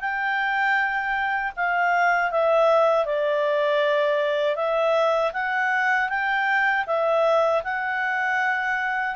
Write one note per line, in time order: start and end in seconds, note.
0.00 1.52 G5
1.56 2.31 F5
2.31 3.05 E5
3.05 4.55 D5
4.55 5.31 E5
5.33 6.09 F#5
6.09 6.85 G5
6.86 7.62 E5
7.64 9.15 F#5